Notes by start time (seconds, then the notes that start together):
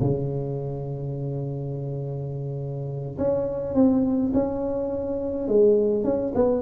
0.00 C#3
3.18 C#4
3.74 C4
4.33 C#4
5.48 G#3
6.04 C#4
6.34 B3